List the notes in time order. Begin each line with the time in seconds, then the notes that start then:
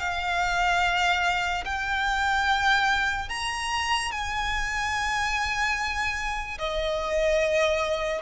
0.00 F5
1.65 G5
3.29 A#5
4.11 G#5
6.59 D#5